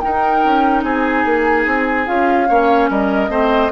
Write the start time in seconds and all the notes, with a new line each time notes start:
0.00 D#4 A#4 G5
0.45 C#4
0.83 C4 G#4 G#5
1.24 A#3
1.66 C4
2.06 C#4 F4 F5
2.48 A#3 C#4 C#5
2.90 G3 A#4 D#5
3.28 A3 C4 C5